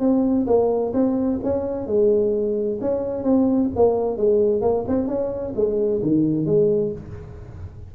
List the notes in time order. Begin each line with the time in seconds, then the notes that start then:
0.00 C4
0.47 A#3
0.94 C4
1.43 C#4
1.87 G#3
2.81 C#4
3.23 C4
3.76 A#3
4.17 G#3
4.62 A#3
4.88 C4
5.07 C#4
5.56 G#3
6.02 D#3
6.46 G#3